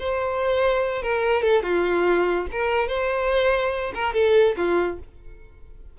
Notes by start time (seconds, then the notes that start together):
0.00 C5
1.03 A#4
1.43 A4
1.63 F4
2.52 A#4
2.88 C5
3.95 A#4
4.14 A4
4.57 F4